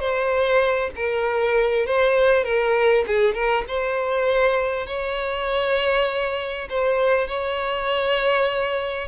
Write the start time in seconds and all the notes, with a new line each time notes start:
0.00 C5
0.96 A#4
1.86 C5
2.44 A#4
3.07 G#4
3.34 A#4
3.68 C5
4.87 C#5
6.70 C5
7.28 C#5